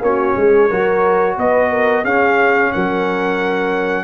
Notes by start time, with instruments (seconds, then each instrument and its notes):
0.00 tuba A#3, trombone C#4, horn F#4, trumpet C#5
0.36 tuba G#3, horn G#4
0.68 tuba F#3, trombone F#4, horn A#4
1.37 tuba B3, horn B4, trumpet D#5
1.71 horn A#4
2.03 tuba C#4, trombone C#4, horn G#4, trumpet F5
2.72 tuba F#3, horn A#4, trumpet F#5